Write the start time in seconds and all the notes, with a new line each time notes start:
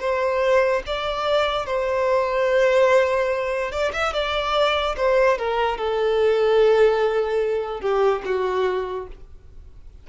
0.00 C5
0.86 D5
1.66 C5
3.71 D5
3.93 E5
4.13 D5
4.97 C5
5.38 A#4
5.78 A4
7.81 G4
8.25 F#4